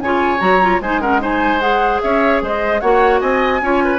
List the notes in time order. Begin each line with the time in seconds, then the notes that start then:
0.00 C#3 F4 C#5 G#5
0.38 F#3 F#4 A#5
0.61 F4
0.80 G#3 D#4 C5 G#5
1.01 C#4 A#4 F#5
1.19 D#4 C5 G#5
1.60 G#4 F#5
2.01 C#4 C#5 E5
2.42 G#3 C5 D#5
2.80 A#3 F#4 C#5 F#5
3.20 C4 D#5 G#5
3.61 C#4 F4 C#5
3.84 B4